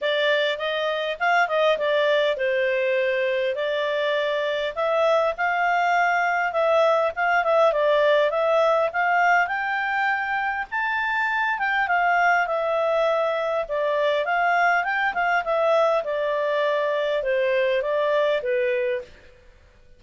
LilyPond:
\new Staff \with { instrumentName = "clarinet" } { \time 4/4 \tempo 4 = 101 d''4 dis''4 f''8 dis''8 d''4 | c''2 d''2 | e''4 f''2 e''4 | f''8 e''8 d''4 e''4 f''4 |
g''2 a''4. g''8 | f''4 e''2 d''4 | f''4 g''8 f''8 e''4 d''4~ | d''4 c''4 d''4 b'4 | }